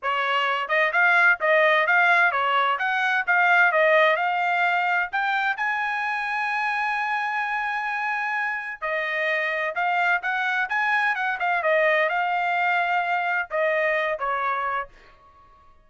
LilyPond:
\new Staff \with { instrumentName = "trumpet" } { \time 4/4 \tempo 4 = 129 cis''4. dis''8 f''4 dis''4 | f''4 cis''4 fis''4 f''4 | dis''4 f''2 g''4 | gis''1~ |
gis''2. dis''4~ | dis''4 f''4 fis''4 gis''4 | fis''8 f''8 dis''4 f''2~ | f''4 dis''4. cis''4. | }